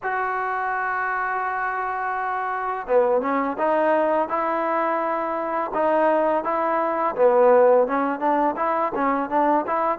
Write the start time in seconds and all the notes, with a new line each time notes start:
0.02 F#4
2.87 B3
3.21 C#4
3.57 D#4
4.28 E4
5.73 D#4
6.44 E4
7.15 B3
7.87 C#4
8.19 D4
8.56 E4
8.94 C#4
9.29 D4
9.66 E4